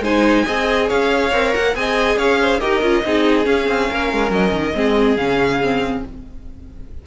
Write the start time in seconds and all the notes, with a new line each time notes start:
0.00 G#3 D#4 C5 G#5
0.45 C4 G#4 D#5
0.87 C#4 C#5 F5
1.32 C4 A#4
1.54 A#3 F#5
1.75 C4 G#4 D#5 G#5
2.17 C#4 C#5 F5
2.42 C5
2.59 D#4 G4 A#4 D#5
2.82 C#4 F4
3.04 C4 D#4 G#4
3.44 C#4 F5
3.68 C4
3.90 A#3 A#4
4.12 G#3
4.30 F#3 D#5
4.52 D#3
4.75 G#3 C4 G#4
5.17 C#3 C#4 F5
5.63 C4